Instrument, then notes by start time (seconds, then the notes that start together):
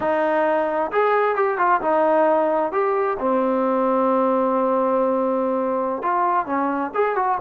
trombone
0.00 D#4
0.91 G#4
1.35 G4
1.57 F4
1.81 D#4
2.72 G4
3.19 C4
6.02 F4
6.45 C#4
6.94 G#4
7.15 F#4